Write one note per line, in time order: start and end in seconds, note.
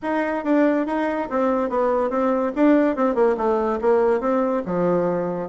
0.02 0.44 D#4
0.44 0.86 D4
0.86 1.28 D#4
1.30 1.69 C4
1.69 2.09 B3
2.09 2.52 C4
2.55 2.96 D4
2.96 3.15 C4
3.15 3.36 A#3
3.37 3.79 A3
3.81 4.20 A#3
4.20 4.62 C4
4.65 5.49 F3